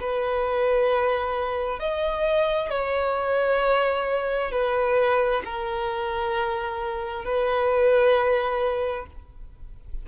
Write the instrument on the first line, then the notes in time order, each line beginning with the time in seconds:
violin
0.00 B4
1.79 D#5
2.69 C#5
4.51 B4
5.45 A#4
7.24 B4